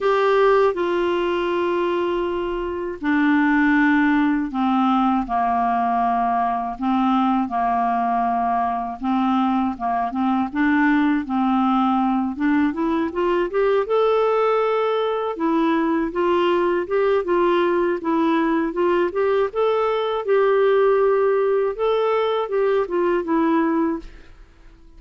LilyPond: \new Staff \with { instrumentName = "clarinet" } { \time 4/4 \tempo 4 = 80 g'4 f'2. | d'2 c'4 ais4~ | ais4 c'4 ais2 | c'4 ais8 c'8 d'4 c'4~ |
c'8 d'8 e'8 f'8 g'8 a'4.~ | a'8 e'4 f'4 g'8 f'4 | e'4 f'8 g'8 a'4 g'4~ | g'4 a'4 g'8 f'8 e'4 | }